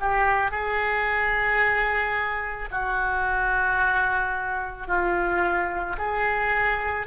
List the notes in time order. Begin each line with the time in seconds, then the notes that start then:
0.00 G4
0.51 G#4
2.71 F#4
4.87 F4
5.98 G#4